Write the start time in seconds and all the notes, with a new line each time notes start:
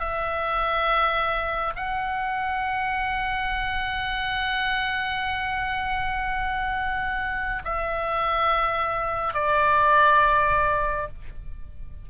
0.00 E5
1.76 F#5
7.65 E5
9.34 D5